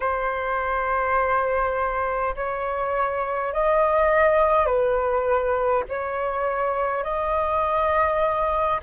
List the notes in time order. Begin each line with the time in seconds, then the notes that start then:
0.00 C5
2.35 C#5
3.53 D#5
4.66 B4
5.88 C#5
7.03 D#5